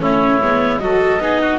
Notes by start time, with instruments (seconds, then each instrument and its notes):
0.00 double bass A3, viola C#4, oboe E4, clarinet C#5
0.42 double bass G#3, viola B3
0.79 double bass F#3, viola F#4, oboe A4, clarinet D#5
1.19 double bass B3, viola D#4, oboe G#4
1.42 oboe F#4